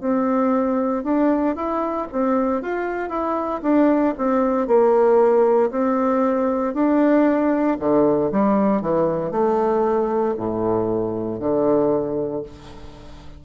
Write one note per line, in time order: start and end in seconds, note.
0.00 1.03 C4
1.03 1.55 D4
1.55 2.07 E4
2.12 2.62 C4
2.62 3.08 F4
3.08 3.60 E4
3.62 4.14 D4
4.17 4.66 C4
4.66 5.70 A#3
5.70 6.73 C4
6.73 7.77 D4
7.79 8.30 D3
8.31 8.81 G3
8.81 9.31 E3
9.31 10.34 A3
10.37 11.39 A2
11.39 12.42 D3